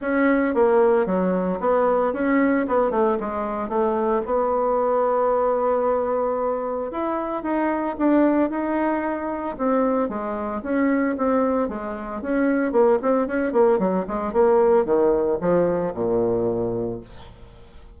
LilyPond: \new Staff \with { instrumentName = "bassoon" } { \time 4/4 \tempo 4 = 113 cis'4 ais4 fis4 b4 | cis'4 b8 a8 gis4 a4 | b1~ | b4 e'4 dis'4 d'4 |
dis'2 c'4 gis4 | cis'4 c'4 gis4 cis'4 | ais8 c'8 cis'8 ais8 fis8 gis8 ais4 | dis4 f4 ais,2 | }